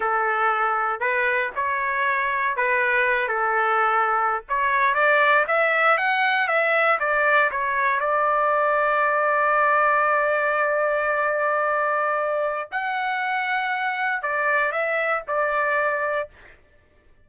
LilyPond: \new Staff \with { instrumentName = "trumpet" } { \time 4/4 \tempo 4 = 118 a'2 b'4 cis''4~ | cis''4 b'4. a'4.~ | a'8. cis''4 d''4 e''4 fis''16~ | fis''8. e''4 d''4 cis''4 d''16~ |
d''1~ | d''1~ | d''4 fis''2. | d''4 e''4 d''2 | }